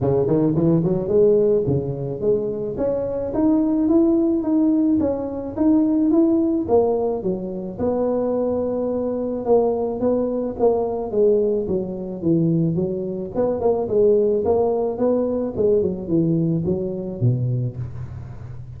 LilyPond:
\new Staff \with { instrumentName = "tuba" } { \time 4/4 \tempo 4 = 108 cis8 dis8 e8 fis8 gis4 cis4 | gis4 cis'4 dis'4 e'4 | dis'4 cis'4 dis'4 e'4 | ais4 fis4 b2~ |
b4 ais4 b4 ais4 | gis4 fis4 e4 fis4 | b8 ais8 gis4 ais4 b4 | gis8 fis8 e4 fis4 b,4 | }